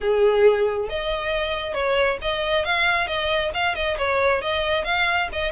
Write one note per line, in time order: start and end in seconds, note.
0.00 0.89 G#4
0.89 1.74 D#5
1.74 2.18 C#5
2.21 2.65 D#5
2.65 3.07 F5
3.07 3.51 D#5
3.54 3.75 F5
3.75 3.97 D#5
3.98 4.41 C#5
4.41 4.84 D#5
4.84 5.28 F5
5.32 5.51 D#5